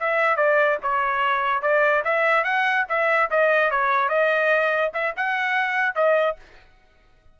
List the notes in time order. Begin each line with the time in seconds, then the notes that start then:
0.00 E5
0.37 D5
0.83 C#5
1.62 D5
2.05 E5
2.44 F#5
2.89 E5
3.31 D#5
3.71 C#5
4.09 D#5
4.94 E5
5.17 F#5
5.95 D#5